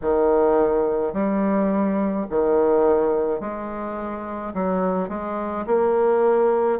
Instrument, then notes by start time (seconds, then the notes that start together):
bassoon
0.01 D#3
1.13 G3
2.30 D#3
3.40 G#3
4.53 F#3
5.08 G#3
5.66 A#3